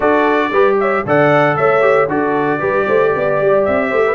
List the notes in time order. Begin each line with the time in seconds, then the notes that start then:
0.00 D4 F#4 A4 D5
0.51 G3 G4 B4
0.80 C#5 E5
1.05 D3 A4 D5 F#5
1.56 A3 C#5 E5
1.81 G4
2.08 D3 F#4 A4 D5
2.59 G3 G4 B4
2.86 A3 C5
3.15 B3 D5
3.41 G3
3.64 C4 E5
3.88 A3 C5
4.06 B4